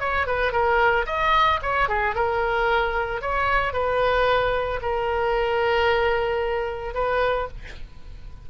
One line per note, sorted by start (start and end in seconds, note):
0.00 0.27 C#5
0.27 0.53 B4
0.53 1.06 A#4
1.07 1.60 D#5
1.62 1.89 C#5
1.89 2.15 G#4
2.15 3.22 A#4
3.22 3.73 C#5
3.73 4.80 B4
4.82 6.94 A#4
6.94 7.48 B4